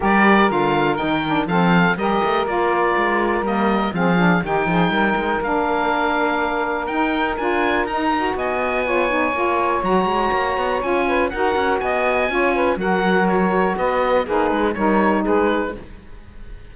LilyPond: <<
  \new Staff \with { instrumentName = "oboe" } { \time 4/4 \tempo 4 = 122 d''4 f''4 g''4 f''4 | dis''4 d''2 dis''4 | f''4 g''2 f''4~ | f''2 g''4 gis''4 |
ais''4 gis''2. | ais''2 gis''4 fis''4 | gis''2 fis''4 cis''4 | dis''4 b'4 cis''4 b'4 | }
  \new Staff \with { instrumentName = "saxophone" } { \time 4/4 ais'2. a'4 | ais'1 | gis'4 g'8 gis'8 ais'2~ | ais'1~ |
ais'4 dis''4 cis''2~ | cis''2~ cis''8 b'8 ais'4 | dis''4 cis''8 b'8 ais'2 | b'4 dis'4 ais'4 gis'4 | }
  \new Staff \with { instrumentName = "saxophone" } { \time 4/4 g'4 f'4 dis'8 d'8 c'4 | g'4 f'2 ais4 | c'8 d'8 dis'2 d'4~ | d'2 dis'4 f'4 |
dis'8 fis'4. f'8 dis'8 f'4 | fis'2 f'4 fis'4~ | fis'4 f'4 fis'2~ | fis'4 gis'4 dis'2 | }
  \new Staff \with { instrumentName = "cello" } { \time 4/4 g4 d4 dis4 f4 | g8 a8 ais4 gis4 g4 | f4 dis8 f8 g8 gis8 ais4~ | ais2 dis'4 d'4 |
dis'4 b2 ais4 | fis8 gis8 ais8 b8 cis'4 dis'8 cis'8 | b4 cis'4 fis2 | b4 ais8 gis8 g4 gis4 | }
>>